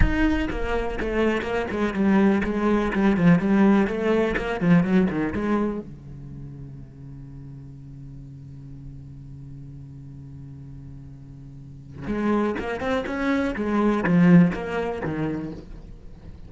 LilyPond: \new Staff \with { instrumentName = "cello" } { \time 4/4 \tempo 4 = 124 dis'4 ais4 a4 ais8 gis8 | g4 gis4 g8 f8 g4 | a4 ais8 f8 fis8 dis8 gis4 | cis1~ |
cis1~ | cis1~ | cis4 gis4 ais8 c'8 cis'4 | gis4 f4 ais4 dis4 | }